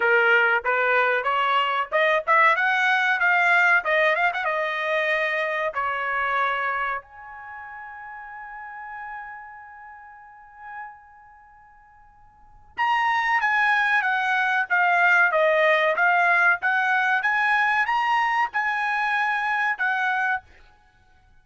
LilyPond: \new Staff \with { instrumentName = "trumpet" } { \time 4/4 \tempo 4 = 94 ais'4 b'4 cis''4 dis''8 e''8 | fis''4 f''4 dis''8 f''16 fis''16 dis''4~ | dis''4 cis''2 gis''4~ | gis''1~ |
gis''1 | ais''4 gis''4 fis''4 f''4 | dis''4 f''4 fis''4 gis''4 | ais''4 gis''2 fis''4 | }